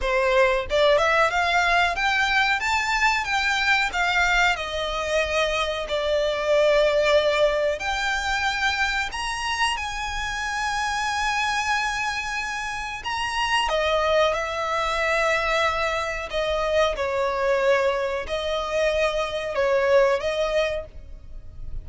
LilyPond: \new Staff \with { instrumentName = "violin" } { \time 4/4 \tempo 4 = 92 c''4 d''8 e''8 f''4 g''4 | a''4 g''4 f''4 dis''4~ | dis''4 d''2. | g''2 ais''4 gis''4~ |
gis''1 | ais''4 dis''4 e''2~ | e''4 dis''4 cis''2 | dis''2 cis''4 dis''4 | }